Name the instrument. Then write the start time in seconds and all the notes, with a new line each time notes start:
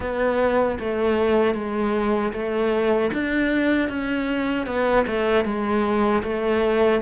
cello
0.00 B3
0.79 A3
1.54 G#3
2.32 A3
3.13 D4
3.88 C#4
4.66 B3
5.06 A3
5.44 G#3
6.23 A3